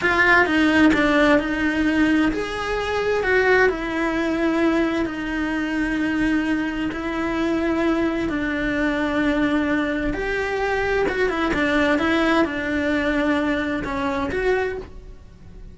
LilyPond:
\new Staff \with { instrumentName = "cello" } { \time 4/4 \tempo 4 = 130 f'4 dis'4 d'4 dis'4~ | dis'4 gis'2 fis'4 | e'2. dis'4~ | dis'2. e'4~ |
e'2 d'2~ | d'2 g'2 | fis'8 e'8 d'4 e'4 d'4~ | d'2 cis'4 fis'4 | }